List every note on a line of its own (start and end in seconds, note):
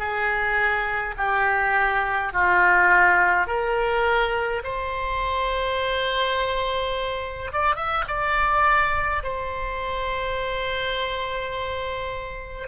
0.00 1.15 G#4
1.18 2.33 G4
2.33 3.47 F4
3.47 4.63 A#4
4.64 7.53 C5
7.53 7.76 D5
7.76 8.05 E5
8.08 9.24 D5
9.24 12.69 C5